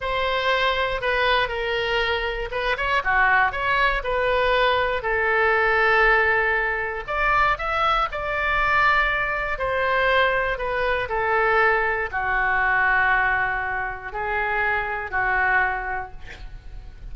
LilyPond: \new Staff \with { instrumentName = "oboe" } { \time 4/4 \tempo 4 = 119 c''2 b'4 ais'4~ | ais'4 b'8 cis''8 fis'4 cis''4 | b'2 a'2~ | a'2 d''4 e''4 |
d''2. c''4~ | c''4 b'4 a'2 | fis'1 | gis'2 fis'2 | }